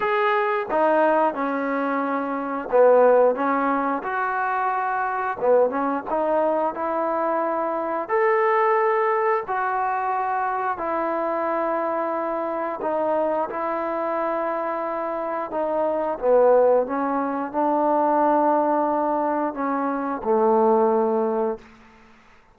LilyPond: \new Staff \with { instrumentName = "trombone" } { \time 4/4 \tempo 4 = 89 gis'4 dis'4 cis'2 | b4 cis'4 fis'2 | b8 cis'8 dis'4 e'2 | a'2 fis'2 |
e'2. dis'4 | e'2. dis'4 | b4 cis'4 d'2~ | d'4 cis'4 a2 | }